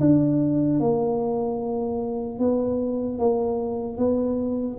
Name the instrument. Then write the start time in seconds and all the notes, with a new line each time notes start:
tuba
0.00 D4
0.80 A#3
2.39 B3
3.19 A#3
3.97 B3